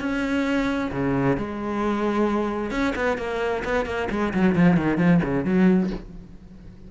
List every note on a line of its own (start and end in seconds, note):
0.00 0.91 C#4
0.92 1.37 C#3
1.37 2.71 G#3
2.71 2.94 C#4
2.96 3.18 B3
3.18 3.63 A#3
3.64 3.86 B3
3.86 4.09 A#3
4.11 4.33 G#3
4.34 4.56 F#3
4.56 4.77 F3
4.77 4.98 D#3
4.98 5.21 F3
5.24 5.45 C#3
5.45 5.90 F#3